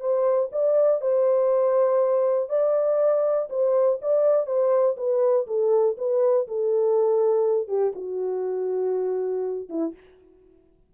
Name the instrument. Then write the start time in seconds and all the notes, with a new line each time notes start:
horn
0.00 C5
0.52 D5
1.01 C5
2.49 D5
3.49 C5
4.01 D5
4.46 C5
4.97 B4
5.47 A4
5.98 B4
6.47 A4
7.68 G4
7.95 F#4
9.69 E4